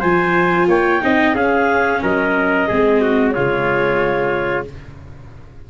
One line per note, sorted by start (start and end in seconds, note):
0.00 0.68 F3
0.00 1.01 F4
0.00 0.67 C5
0.00 0.67 G#5
0.68 1.01 A#3
0.68 1.02 C#5
0.68 1.36 G5
1.01 1.34 C4
1.01 1.35 D#4
1.01 1.35 D#5
1.34 2.01 C#4
1.34 2.69 C#4
1.34 2.02 G#4
1.34 2.02 F5
2.02 2.69 F#3
2.02 2.68 A#4
2.02 3.31 D#5
2.68 3.37 G#3
2.68 3.35 C4
2.68 3.01 G#4
3.01 3.34 F#4
3.31 4.70 C#3
3.31 4.68 G#3
3.31 4.68 F4
3.31 4.64 C#5